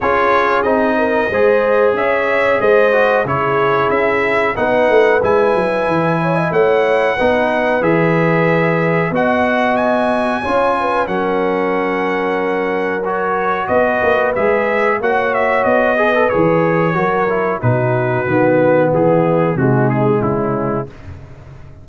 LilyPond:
<<
  \new Staff \with { instrumentName = "trumpet" } { \time 4/4 \tempo 4 = 92 cis''4 dis''2 e''4 | dis''4 cis''4 e''4 fis''4 | gis''2 fis''2 | e''2 fis''4 gis''4~ |
gis''4 fis''2. | cis''4 dis''4 e''4 fis''8 e''8 | dis''4 cis''2 b'4~ | b'4 gis'4 fis'8 gis'8 e'4 | }
  \new Staff \with { instrumentName = "horn" } { \time 4/4 gis'4. ais'8 c''4 cis''4 | c''4 gis'2 b'4~ | b'4. cis''16 dis''16 cis''4 b'4~ | b'2 dis''2 |
cis''8 b'8 ais'2.~ | ais'4 b'2 cis''4~ | cis''8 b'4. ais'4 fis'4~ | fis'4 e'4 dis'4 cis'4 | }
  \new Staff \with { instrumentName = "trombone" } { \time 4/4 f'4 dis'4 gis'2~ | gis'8 fis'8 e'2 dis'4 | e'2. dis'4 | gis'2 fis'2 |
f'4 cis'2. | fis'2 gis'4 fis'4~ | fis'8 gis'16 a'16 gis'4 fis'8 e'8 dis'4 | b2 gis2 | }
  \new Staff \with { instrumentName = "tuba" } { \time 4/4 cis'4 c'4 gis4 cis'4 | gis4 cis4 cis'4 b8 a8 | gis8 fis8 e4 a4 b4 | e2 b2 |
cis'4 fis2.~ | fis4 b8 ais8 gis4 ais4 | b4 e4 fis4 b,4 | dis4 e4 c4 cis4 | }
>>